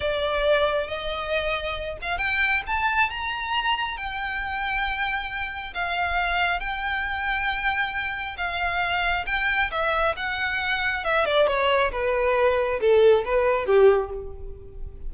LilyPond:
\new Staff \with { instrumentName = "violin" } { \time 4/4 \tempo 4 = 136 d''2 dis''2~ | dis''8 f''8 g''4 a''4 ais''4~ | ais''4 g''2.~ | g''4 f''2 g''4~ |
g''2. f''4~ | f''4 g''4 e''4 fis''4~ | fis''4 e''8 d''8 cis''4 b'4~ | b'4 a'4 b'4 g'4 | }